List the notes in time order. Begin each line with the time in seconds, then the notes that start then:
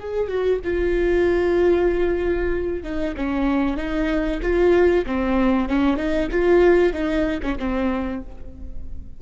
0.00 G#4
0.28 F#4
0.64 F4
2.84 D#4
3.17 C#4
3.77 D#4
4.43 F4
5.06 C4
5.69 C#4
5.97 D#4
6.32 F4
6.93 D#4
7.43 C#4
7.59 C4